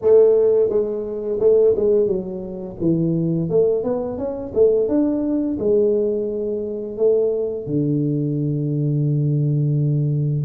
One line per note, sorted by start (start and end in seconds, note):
0.01 0.68 A3
0.68 1.38 G#3
1.40 1.74 A3
1.76 2.06 G#3
2.06 2.76 F#3
2.80 3.49 E3
3.49 3.83 A3
3.83 4.17 B3
4.17 4.52 C#4
4.54 4.88 A3
4.88 5.58 D4
5.59 6.97 G#3
6.97 7.66 A3
7.66 10.45 D3